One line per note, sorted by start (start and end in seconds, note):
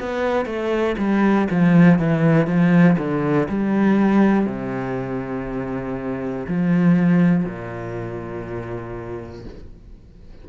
0.00 0.46 B3
0.46 0.96 A3
0.99 1.49 G3
1.50 1.99 F3
1.99 2.47 E3
2.47 2.97 F3
2.98 3.48 D3
3.49 4.46 G3
4.46 6.46 C3
6.48 7.45 F3
7.45 9.45 A#2